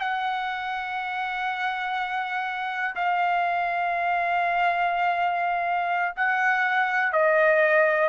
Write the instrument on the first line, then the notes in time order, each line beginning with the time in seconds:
trumpet
0.00 F#5
2.95 F5
6.16 F#5
7.13 D#5